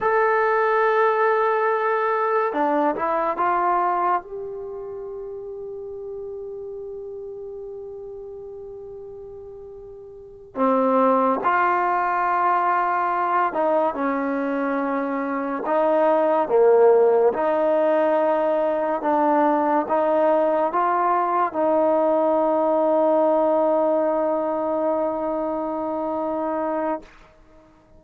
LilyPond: \new Staff \with { instrumentName = "trombone" } { \time 4/4 \tempo 4 = 71 a'2. d'8 e'8 | f'4 g'2.~ | g'1~ | g'8 c'4 f'2~ f'8 |
dis'8 cis'2 dis'4 ais8~ | ais8 dis'2 d'4 dis'8~ | dis'8 f'4 dis'2~ dis'8~ | dis'1 | }